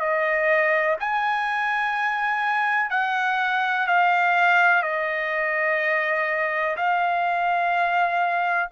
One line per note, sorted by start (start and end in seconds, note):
0.00 0.97 D#5
1.00 2.90 G#5
2.90 3.87 F#5
3.87 4.83 F5
4.83 6.76 D#5
6.77 8.70 F5